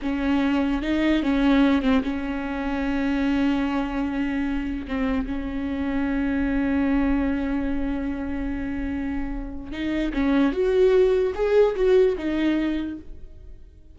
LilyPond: \new Staff \with { instrumentName = "viola" } { \time 4/4 \tempo 4 = 148 cis'2 dis'4 cis'4~ | cis'8 c'8 cis'2.~ | cis'1 | c'4 cis'2.~ |
cis'1~ | cis'1 | dis'4 cis'4 fis'2 | gis'4 fis'4 dis'2 | }